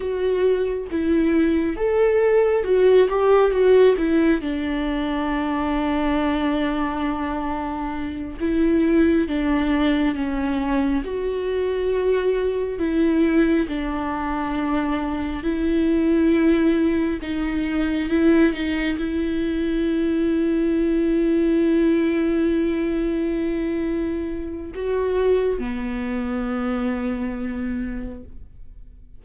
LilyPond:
\new Staff \with { instrumentName = "viola" } { \time 4/4 \tempo 4 = 68 fis'4 e'4 a'4 fis'8 g'8 | fis'8 e'8 d'2.~ | d'4. e'4 d'4 cis'8~ | cis'8 fis'2 e'4 d'8~ |
d'4. e'2 dis'8~ | dis'8 e'8 dis'8 e'2~ e'8~ | e'1 | fis'4 b2. | }